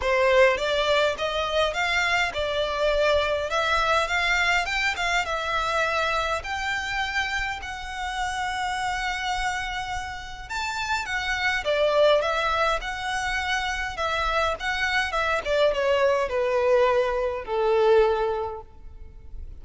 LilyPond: \new Staff \with { instrumentName = "violin" } { \time 4/4 \tempo 4 = 103 c''4 d''4 dis''4 f''4 | d''2 e''4 f''4 | g''8 f''8 e''2 g''4~ | g''4 fis''2.~ |
fis''2 a''4 fis''4 | d''4 e''4 fis''2 | e''4 fis''4 e''8 d''8 cis''4 | b'2 a'2 | }